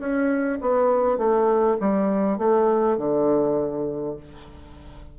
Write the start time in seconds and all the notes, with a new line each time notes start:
0.00 C#4
0.62 B3
1.18 A3
1.81 G3
2.39 A3
2.98 D3